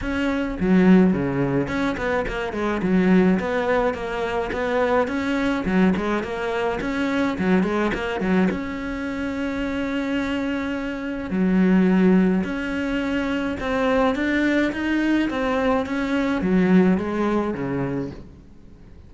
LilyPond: \new Staff \with { instrumentName = "cello" } { \time 4/4 \tempo 4 = 106 cis'4 fis4 cis4 cis'8 b8 | ais8 gis8 fis4 b4 ais4 | b4 cis'4 fis8 gis8 ais4 | cis'4 fis8 gis8 ais8 fis8 cis'4~ |
cis'1 | fis2 cis'2 | c'4 d'4 dis'4 c'4 | cis'4 fis4 gis4 cis4 | }